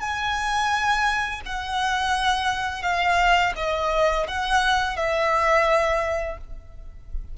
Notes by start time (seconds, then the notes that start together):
0.00 G#5
1.45 F#5
2.82 F5
3.56 D#5
4.28 F#5
4.96 E5